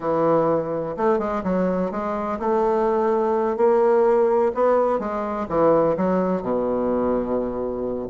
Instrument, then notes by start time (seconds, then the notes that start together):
bassoon
0.00 E3
0.96 A3
1.18 G#3
1.43 F#3
1.91 G#3
2.39 A3
3.56 A#3
4.54 B3
4.99 G#3
5.48 E3
5.97 F#3
6.42 B2